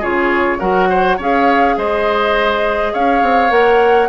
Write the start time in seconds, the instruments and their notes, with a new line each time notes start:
0.00 bassoon C#3, clarinet F4, oboe G#4, flute C#5
0.60 bassoon F#3, clarinet F#4, oboe A#4, flute F#5
0.90 oboe C5
1.17 bassoon C#4, clarinet G#4, oboe C#5, flute F5
1.77 bassoon G#3, oboe C5, flute D#5
2.93 bassoon C#4, oboe C#5, flute F5
3.23 bassoon C4
3.50 bassoon A#3, clarinet A#4, flute F#5